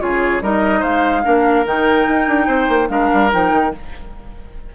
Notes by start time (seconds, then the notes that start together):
0.00 C#3 F4 G#4 C#5
0.41 G3 D#4 A#4 D#5
0.80 G#3 C5 F5
1.24 A#3 D4 A#4
1.66 D#3 D#4 G5
2.08 D#4
2.28 D4
2.47 C4 C5
2.69 A#3
2.88 G#3 D4 A#4 F5
3.14 G3
3.31 F3 D#4 G5
3.52 D#3